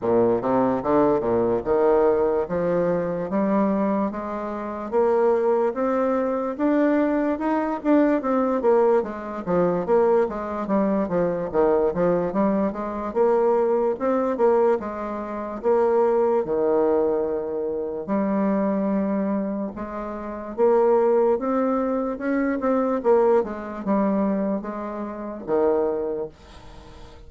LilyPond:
\new Staff \with { instrumentName = "bassoon" } { \time 4/4 \tempo 4 = 73 ais,8 c8 d8 ais,8 dis4 f4 | g4 gis4 ais4 c'4 | d'4 dis'8 d'8 c'8 ais8 gis8 f8 | ais8 gis8 g8 f8 dis8 f8 g8 gis8 |
ais4 c'8 ais8 gis4 ais4 | dis2 g2 | gis4 ais4 c'4 cis'8 c'8 | ais8 gis8 g4 gis4 dis4 | }